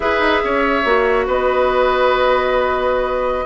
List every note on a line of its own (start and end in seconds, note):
0.00 0.19 E4
0.00 0.84 G#4
0.00 0.43 B4
0.00 1.26 E5
0.19 0.40 D#4
0.43 0.85 C#4
0.43 1.26 C#5
0.85 1.26 A#3
0.85 3.45 F#4
1.26 3.45 B3
1.26 3.45 B4
1.26 3.45 D#5